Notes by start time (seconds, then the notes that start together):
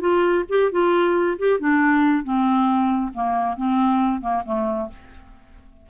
0.00 F4
0.49 G4
0.71 F4
1.38 G4
1.59 D4
2.23 C4
3.13 A#3
3.56 C4
4.21 A#3
4.45 A3